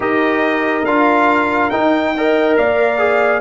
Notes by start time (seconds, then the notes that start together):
0.00 D#4 G4 A#4 D#5
0.84 D4 F4 F5
1.70 D#4 G5
2.17 A#4 D#5
2.56 A#3 D5 F5
2.98 G#4